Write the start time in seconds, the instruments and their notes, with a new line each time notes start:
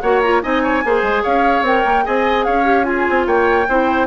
0.00 bassoon A#3, clarinet F#4, oboe C#5, flute F#5
0.21 clarinet F4, flute A#5
0.42 bassoon C4, clarinet D#4, oboe D#5, flute G#5
0.62 oboe C#5
0.84 bassoon A#3, clarinet G#4, oboe C5
1.02 bassoon G#3
1.22 bassoon C#4, oboe C#5, flute F5
1.62 bassoon C4, clarinet A#4, flute G5
1.85 bassoon A#3
2.04 bassoon C4, clarinet G#4, oboe D#5, flute G#5
2.44 bassoon C#4, oboe C#5, flute F5
2.64 clarinet G4
2.83 clarinet F4, oboe G#4, flute G#5
3.09 bassoon C4
3.26 bassoon A#3, oboe C#5, flute G5
3.68 bassoon C4, clarinet E4, oboe C5